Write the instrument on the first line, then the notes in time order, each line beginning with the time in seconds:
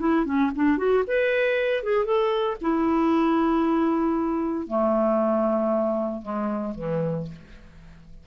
clarinet
0.00 E4
0.26 C#4
0.56 D4
0.78 F#4
1.08 B4
1.83 G#4
2.06 A4
2.62 E4
4.68 A3
6.23 G#3
6.75 E3